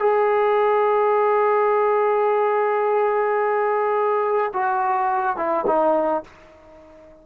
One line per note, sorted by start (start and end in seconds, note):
0.00 4.53 G#4
4.54 5.37 F#4
5.37 5.66 E4
5.67 6.24 D#4